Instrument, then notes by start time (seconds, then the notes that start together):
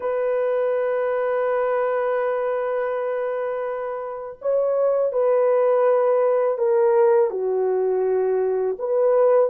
horn
0.00 B4
4.41 C#5
5.12 B4
6.58 A#4
7.30 F#4
8.78 B4